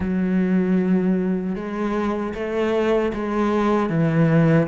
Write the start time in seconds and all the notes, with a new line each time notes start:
0.00 F#3
1.55 G#3
2.34 A3
3.13 G#3
3.89 E3